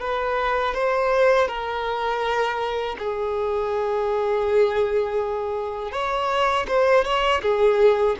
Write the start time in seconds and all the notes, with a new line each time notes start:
0.00 B4
0.74 C5
1.47 A#4
2.99 G#4
5.92 C#5
6.67 C5
7.04 C#5
7.42 G#4